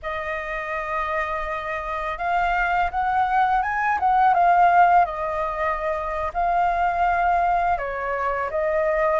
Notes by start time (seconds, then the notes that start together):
0.02 D#5
2.18 F5
2.90 F#5
3.62 G#5
3.99 F#5
4.33 F5
5.05 D#5
6.33 F5
7.77 C#5
8.50 D#5